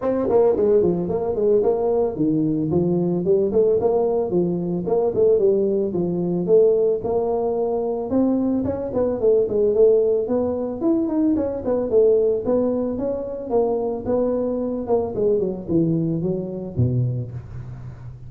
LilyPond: \new Staff \with { instrumentName = "tuba" } { \time 4/4 \tempo 4 = 111 c'8 ais8 gis8 f8 ais8 gis8 ais4 | dis4 f4 g8 a8 ais4 | f4 ais8 a8 g4 f4 | a4 ais2 c'4 |
cis'8 b8 a8 gis8 a4 b4 | e'8 dis'8 cis'8 b8 a4 b4 | cis'4 ais4 b4. ais8 | gis8 fis8 e4 fis4 b,4 | }